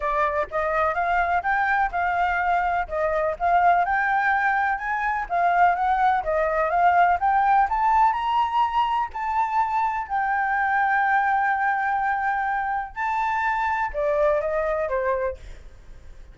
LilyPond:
\new Staff \with { instrumentName = "flute" } { \time 4/4 \tempo 4 = 125 d''4 dis''4 f''4 g''4 | f''2 dis''4 f''4 | g''2 gis''4 f''4 | fis''4 dis''4 f''4 g''4 |
a''4 ais''2 a''4~ | a''4 g''2.~ | g''2. a''4~ | a''4 d''4 dis''4 c''4 | }